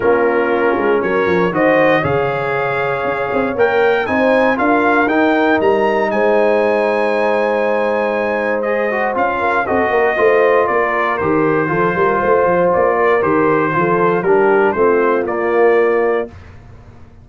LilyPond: <<
  \new Staff \with { instrumentName = "trumpet" } { \time 4/4 \tempo 4 = 118 ais'2 cis''4 dis''4 | f''2. g''4 | gis''4 f''4 g''4 ais''4 | gis''1~ |
gis''4 dis''4 f''4 dis''4~ | dis''4 d''4 c''2~ | c''4 d''4 c''2 | ais'4 c''4 d''2 | }
  \new Staff \with { instrumentName = "horn" } { \time 4/4 f'2 ais'4 c''4 | cis''1 | c''4 ais'2. | c''1~ |
c''2~ c''8 ais'8 a'8 ais'8 | c''4 ais'2 a'8 ais'8 | c''4. ais'4. a'4 | g'4 f'2. | }
  \new Staff \with { instrumentName = "trombone" } { \time 4/4 cis'2. fis'4 | gis'2. ais'4 | dis'4 f'4 dis'2~ | dis'1~ |
dis'4 gis'8 fis'8 f'4 fis'4 | f'2 g'4 f'4~ | f'2 g'4 f'4 | d'4 c'4 ais2 | }
  \new Staff \with { instrumentName = "tuba" } { \time 4/4 ais4. gis8 fis8 f8 dis4 | cis2 cis'8 c'8 ais4 | c'4 d'4 dis'4 g4 | gis1~ |
gis2 cis'4 c'8 ais8 | a4 ais4 dis4 f8 g8 | a8 f8 ais4 dis4 f4 | g4 a4 ais2 | }
>>